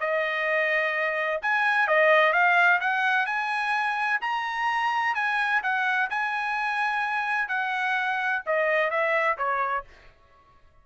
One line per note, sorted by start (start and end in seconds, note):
0.00 1.41 D#5
1.42 1.88 G#5
1.88 2.33 D#5
2.33 2.80 F5
2.81 3.26 F#5
3.26 4.20 G#5
4.21 5.15 A#5
5.15 5.61 G#5
5.62 6.09 F#5
6.10 7.49 G#5
7.49 8.42 F#5
8.46 8.90 D#5
8.90 9.37 E5
9.37 9.84 C#5